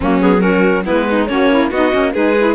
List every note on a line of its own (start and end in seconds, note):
0.00 0.87 F#3
0.00 0.20 A#3
0.00 0.39 C#4
0.00 0.21 F#4
0.20 0.41 B3
0.20 0.41 G#4
0.41 0.83 C#4
0.41 0.84 F#4
0.41 0.84 A#4
0.84 1.28 G#3
0.84 1.27 B3
0.84 1.06 E4
0.84 1.26 B4
1.09 1.29 D#4
1.26 1.71 A#3
1.26 1.70 C#4
1.26 1.50 F#4
1.26 1.69 C#5
1.50 1.71 E4
1.70 1.92 B3
1.70 1.91 D#4
1.70 2.13 F#4
1.70 2.13 D#5
1.91 2.15 A#3
1.91 2.13 C#4
2.13 2.55 G#3
2.13 2.35 D#4
2.13 2.55 G#4
2.13 2.55 B4
2.38 2.55 E4